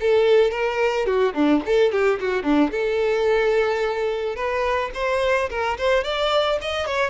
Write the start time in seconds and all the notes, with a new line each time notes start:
0.00 A4
0.51 A#4
1.06 F#4
1.34 D4
1.66 A4
1.92 G4
2.20 F#4
2.43 D4
2.70 A4
4.35 B4
4.94 C5
5.49 A#4
5.77 C5
6.04 D5
6.61 D#5
6.86 C#5